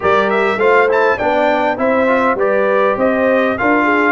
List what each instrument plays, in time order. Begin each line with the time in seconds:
0.00 tuba G3, trombone G4, horn A#4, trumpet D5
0.30 trumpet E5
0.56 tuba A3, trombone F4, horn C5, trumpet F5
0.88 trombone E4, trumpet A5
1.17 tuba B3, trombone D4, horn D5, trumpet G5
1.77 tuba C4, trombone E4, horn C5, trumpet E5
2.07 trombone F4
2.34 tuba G3, trombone G4, horn B4, trumpet D5
2.97 tuba C4, horn C5, trumpet D#5
3.58 tuba D4, trombone F4, horn A#4, trumpet F5
3.83 horn G#4